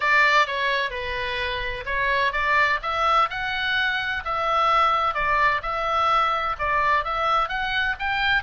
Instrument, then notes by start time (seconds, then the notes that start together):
oboe
0.00 D5
0.46 C#5
0.90 B4
1.85 C#5
2.32 D5
2.82 E5
3.30 F#5
4.24 E5
5.14 D5
5.62 E5
6.59 D5
7.04 E5
7.49 F#5
7.99 G5